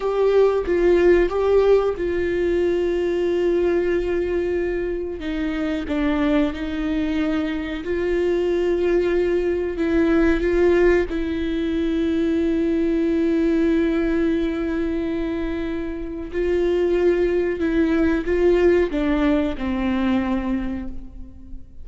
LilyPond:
\new Staff \with { instrumentName = "viola" } { \time 4/4 \tempo 4 = 92 g'4 f'4 g'4 f'4~ | f'1 | dis'4 d'4 dis'2 | f'2. e'4 |
f'4 e'2.~ | e'1~ | e'4 f'2 e'4 | f'4 d'4 c'2 | }